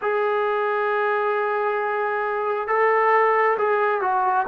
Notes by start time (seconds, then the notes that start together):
0.01 G#4
2.67 A4
3.58 G#4
4.01 F#4